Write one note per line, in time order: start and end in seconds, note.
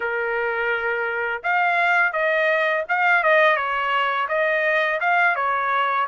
0.00 1.42 A#4
1.43 2.12 F5
2.12 2.83 D#5
2.89 3.23 F5
3.23 3.56 D#5
3.56 4.27 C#5
4.28 5.00 D#5
5.00 5.35 F5
5.35 6.06 C#5